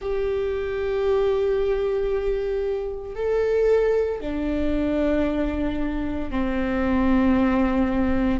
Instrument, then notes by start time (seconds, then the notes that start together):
viola
0.01 G4
3.15 A4
4.20 D4
6.30 C4